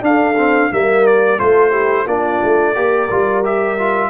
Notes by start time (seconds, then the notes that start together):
0.00 D4 F5
0.07 A4
0.37 C4
0.70 G3 A#3 A#4 E5
1.06 D5
1.37 A3 F4 A4 C5
1.70 E4 G4
2.06 A#3 D4 F4 D5
2.43 A3
2.74 A#3 G4 A#4
3.10 G3 F4
3.43 G4 E5
3.78 F4